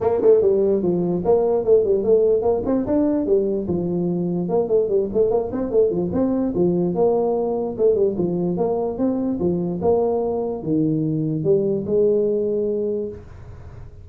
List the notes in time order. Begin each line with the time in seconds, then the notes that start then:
0.00 A#3
0.21 A3
0.41 G3
0.82 F3
1.24 A#3
1.64 A3
1.84 G3
2.03 A3
2.42 A#3
2.65 C4
2.86 D4
3.25 G3
3.67 F3
4.49 A#3
4.68 A3
4.88 G3
5.13 A3
5.30 A#3
5.52 C4
5.71 A3
5.90 F3
6.12 C4
6.54 F3
6.94 A#3
7.77 A3
7.95 G3
8.17 F3
8.57 A#3
8.98 C4
9.39 F3
9.81 A#3
10.62 D#3
11.44 G3
11.86 G#3